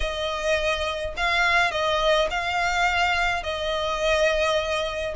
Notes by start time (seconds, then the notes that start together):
0.00 D#5
1.16 F5
1.71 D#5
2.30 F5
3.43 D#5